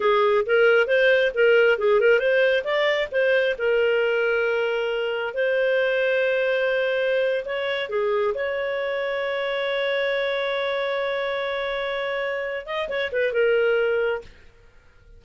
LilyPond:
\new Staff \with { instrumentName = "clarinet" } { \time 4/4 \tempo 4 = 135 gis'4 ais'4 c''4 ais'4 | gis'8 ais'8 c''4 d''4 c''4 | ais'1 | c''1~ |
c''8. cis''4 gis'4 cis''4~ cis''16~ | cis''1~ | cis''1~ | cis''8 dis''8 cis''8 b'8 ais'2 | }